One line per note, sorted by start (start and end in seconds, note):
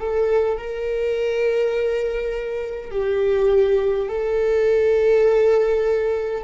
0.00 0.58 A4
0.58 2.91 A#4
2.91 4.09 G4
4.09 6.44 A4